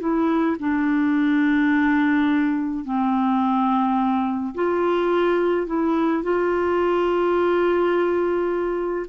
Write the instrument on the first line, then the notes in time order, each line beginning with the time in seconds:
clarinet
0.00 E4
0.60 D4
2.85 C4
4.55 F4
5.67 E4
6.23 F4